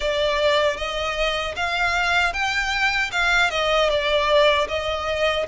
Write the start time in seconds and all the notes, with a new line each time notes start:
0.00 D5
0.77 D#5
1.56 F5
2.33 G5
3.11 F5
3.50 D#5
3.89 D5
4.68 D#5